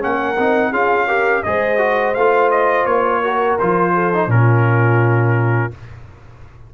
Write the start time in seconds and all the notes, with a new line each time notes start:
0.00 A#3 C#4 A#4 F#5
0.38 C4 D#4
0.71 C#4 F4 G#4 F5
1.08 G4 A#4
1.43 G#3 G#4 C5 D#5
1.78 F#4
2.15 A3 F4 F5
2.51 D#5
2.86 A#3 C#5
3.22 F#4 A#4
3.59 F3 F4 C5
3.95 A4
4.14 D#4
4.27 A#2 C#4 F4 A#4